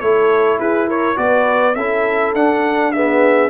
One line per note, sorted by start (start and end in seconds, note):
0.00 0.59 A3
0.00 1.15 E4
0.00 0.60 A4
0.00 0.58 C#5
0.59 1.17 E4
0.59 0.87 G#4
0.59 0.89 B4
0.87 1.16 A#4
0.87 1.17 C#5
1.15 1.75 B3
1.15 1.73 F#4
1.15 1.76 B4
1.15 1.75 D5
1.75 2.34 C#4
1.75 2.36 E4
1.75 2.93 A4
1.75 2.33 E5
2.34 3.49 D4
2.34 2.94 D4
2.34 2.92 F#5
2.92 3.49 B3
2.92 3.49 G#4
2.92 3.49 E5